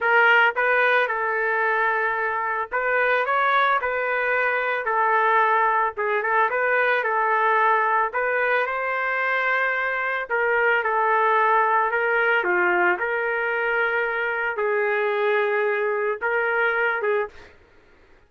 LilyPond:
\new Staff \with { instrumentName = "trumpet" } { \time 4/4 \tempo 4 = 111 ais'4 b'4 a'2~ | a'4 b'4 cis''4 b'4~ | b'4 a'2 gis'8 a'8 | b'4 a'2 b'4 |
c''2. ais'4 | a'2 ais'4 f'4 | ais'2. gis'4~ | gis'2 ais'4. gis'8 | }